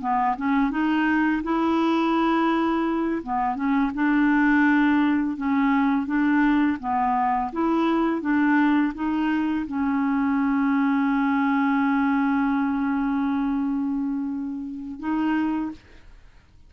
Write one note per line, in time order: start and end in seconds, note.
0.00 0.36 B3
0.37 0.70 C#4
0.70 1.42 D#4
1.43 3.21 E4
3.22 3.55 B3
3.55 3.91 C#4
3.94 5.37 D4
5.37 6.06 C#4
6.06 6.77 D4
6.79 7.51 B3
7.52 8.21 E4
8.21 8.93 D4
8.94 9.66 D#4
9.66 14.99 C#4
14.99 15.71 D#4